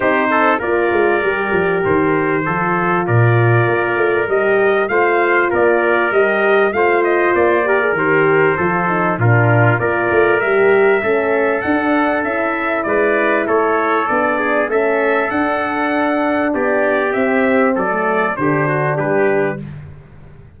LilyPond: <<
  \new Staff \with { instrumentName = "trumpet" } { \time 4/4 \tempo 4 = 98 c''4 d''2 c''4~ | c''4 d''2 dis''4 | f''4 d''4 dis''4 f''8 dis''8 | d''4 c''2 ais'4 |
d''4 e''2 fis''4 | e''4 d''4 cis''4 d''4 | e''4 fis''2 d''4 | e''4 d''4 c''4 b'4 | }
  \new Staff \with { instrumentName = "trumpet" } { \time 4/4 g'8 a'8 ais'2. | a'4 ais'2. | c''4 ais'2 c''4~ | c''8 ais'4. a'4 f'4 |
ais'2 a'2~ | a'4 b'4 a'4. gis'8 | a'2. g'4~ | g'4 a'4 g'8 fis'8 g'4 | }
  \new Staff \with { instrumentName = "horn" } { \time 4/4 dis'4 f'4 g'2 | f'2. g'4 | f'2 g'4 f'4~ | f'8 g'16 gis'16 g'4 f'8 dis'8 d'4 |
f'4 g'4 cis'4 d'4 | e'2. d'4 | cis'4 d'2. | c'4~ c'16 a8. d'2 | }
  \new Staff \with { instrumentName = "tuba" } { \time 4/4 c'4 ais8 gis8 g8 f8 dis4 | f4 ais,4 ais8 a8 g4 | a4 ais4 g4 a4 | ais4 dis4 f4 ais,4 |
ais8 a8 g4 a4 d'4 | cis'4 gis4 a4 b4 | a4 d'2 b4 | c'4 fis4 d4 g4 | }
>>